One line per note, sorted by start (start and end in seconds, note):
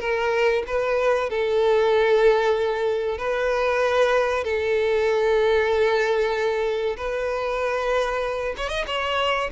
0.00 0.63 A#4
0.67 1.30 B4
1.30 3.18 A4
3.18 4.44 B4
4.44 6.96 A4
6.97 8.55 B4
8.58 8.69 C#5
8.69 8.85 D#5
8.87 9.50 C#5